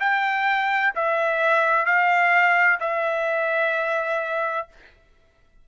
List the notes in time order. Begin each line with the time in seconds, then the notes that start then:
0.00 G5
0.95 E5
1.86 F5
2.80 E5